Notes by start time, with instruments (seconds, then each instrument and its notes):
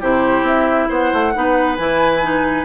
0.00 bassoon C3, clarinet E4, oboe G4, flute C5
0.42 bassoon C4, flute E5
0.89 bassoon B3, oboe C5, flute F#5
1.13 bassoon A3
1.34 bassoon B3, clarinet D#4, oboe B4
1.76 bassoon E3, clarinet E4, flute G#5
2.22 clarinet D#4